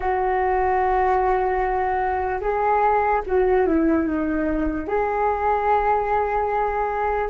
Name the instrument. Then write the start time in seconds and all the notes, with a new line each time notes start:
flute
0.00 F#4
2.41 G#4
3.26 F#4
3.66 E4
4.07 D#4
4.87 G#4